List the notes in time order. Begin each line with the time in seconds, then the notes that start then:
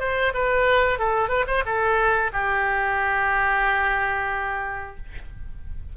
0.00 C5
0.34 B4
0.99 A4
1.29 B4
1.47 C5
1.66 A4
2.33 G4